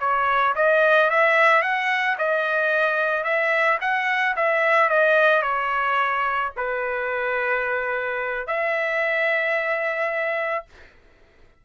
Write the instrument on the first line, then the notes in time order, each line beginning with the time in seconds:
trumpet
0.00 C#5
0.56 D#5
1.10 E5
1.62 F#5
2.19 D#5
3.24 E5
3.81 F#5
4.37 E5
4.90 D#5
5.43 C#5
6.57 B4
8.47 E5